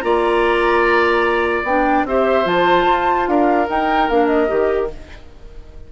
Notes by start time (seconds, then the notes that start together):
0.00 A#3 F4 D5 A#5
1.63 B3 D4 G5
2.05 C4 G4 C5 E5
2.45 F3 F4 A5
2.86 F4
3.27 D4 A#4 F5
3.69 D#4 G5
4.09 A#3 D4 F5
4.26 D#5
4.47 D#3 G4